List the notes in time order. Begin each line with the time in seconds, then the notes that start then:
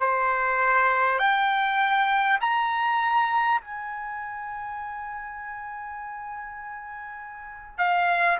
0.00 C5
1.18 G5
2.40 A#5
3.61 G#5
7.77 F5